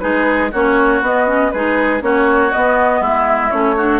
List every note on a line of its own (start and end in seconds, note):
0.00 0.53 G#3
0.00 0.51 D#4
0.00 0.52 G#4
0.00 0.50 B4
0.52 1.02 A#3
0.52 1.04 C#4
0.52 1.52 F#4
0.52 1.03 C#5
1.02 1.52 B3
1.02 1.27 B3
1.02 1.51 D#5
1.27 1.52 C#4
1.51 2.02 G#3
1.51 2.01 D#4
1.51 2.03 G#4
1.51 2.01 B4
2.01 2.52 A#3
2.01 2.51 C#4
2.01 3.01 F#4
2.01 2.52 C#5
2.52 3.52 B3
2.52 3.01 B3
2.52 3.02 D#5
3.01 3.51 G#3
3.01 3.76 E4
3.01 3.51 E5
3.51 4.00 A3
3.51 3.77 C#4
3.51 4.00 C#5
3.77 4.00 D4
3.77 4.00 F#4